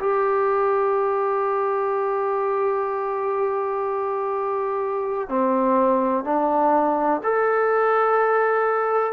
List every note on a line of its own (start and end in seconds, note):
0.00 5.29 G4
5.29 6.24 C4
6.24 7.21 D4
7.24 9.13 A4